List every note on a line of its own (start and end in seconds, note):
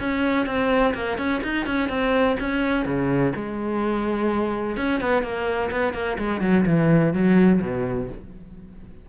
0.00 0.47 C#4
0.47 0.94 C4
0.94 1.18 A#3
1.18 1.42 C#4
1.44 1.67 D#4
1.67 1.89 C#4
1.89 2.37 C4
2.40 2.86 C#4
2.86 3.33 C#3
3.36 4.77 G#3
4.77 5.01 C#4
5.01 5.23 B3
5.23 5.70 A#3
5.71 5.94 B3
5.94 6.18 A#3
6.18 6.41 G#3
6.41 6.65 F#3
6.66 7.14 E3
7.14 7.61 F#3
7.62 8.10 B2